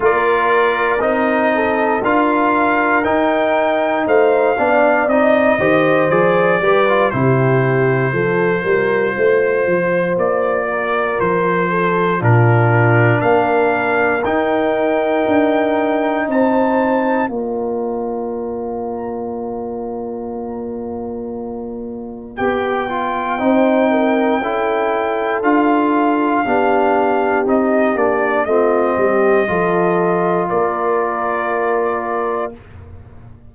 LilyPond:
<<
  \new Staff \with { instrumentName = "trumpet" } { \time 4/4 \tempo 4 = 59 d''4 dis''4 f''4 g''4 | f''4 dis''4 d''4 c''4~ | c''2 d''4 c''4 | ais'4 f''4 g''2 |
a''4 ais''2.~ | ais''2 g''2~ | g''4 f''2 dis''8 d''8 | dis''2 d''2 | }
  \new Staff \with { instrumentName = "horn" } { \time 4/4 ais'4. a'8 ais'2 | c''8 d''4 c''4 b'8 g'4 | a'8 ais'8 c''4. ais'4 a'8 | f'4 ais'2. |
c''4 d''2.~ | d''2. c''8 ais'8 | a'2 g'2 | f'8 g'8 a'4 ais'2 | }
  \new Staff \with { instrumentName = "trombone" } { \time 4/4 f'4 dis'4 f'4 dis'4~ | dis'8 d'8 dis'8 g'8 gis'8 g'16 f'16 e'4 | f'1 | d'2 dis'2~ |
dis'4 f'2.~ | f'2 g'8 f'8 dis'4 | e'4 f'4 d'4 dis'8 d'8 | c'4 f'2. | }
  \new Staff \with { instrumentName = "tuba" } { \time 4/4 ais4 c'4 d'4 dis'4 | a8 b8 c'8 dis8 f8 g8 c4 | f8 g8 a8 f8 ais4 f4 | ais,4 ais4 dis'4 d'4 |
c'4 ais2.~ | ais2 b4 c'4 | cis'4 d'4 b4 c'8 ais8 | a8 g8 f4 ais2 | }
>>